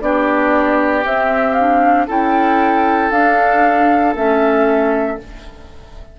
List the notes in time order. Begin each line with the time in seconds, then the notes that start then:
0.00 B3 D4 G4 D5
1.03 C4 E5
1.53 D4 F5
2.06 C#4 E4 A4 G5
3.10 D4 F5
4.14 A3 C#4 E5